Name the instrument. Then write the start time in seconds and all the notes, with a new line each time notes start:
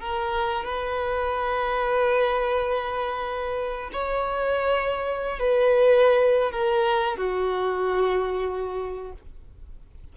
violin
0.00 A#4
0.64 B4
3.92 C#5
5.39 B4
6.51 A#4
7.17 F#4